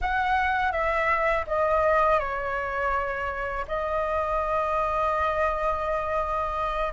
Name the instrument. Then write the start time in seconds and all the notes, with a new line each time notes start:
flute
0.01 F#5
0.72 E5
1.46 D#5
2.19 C#5
3.67 D#5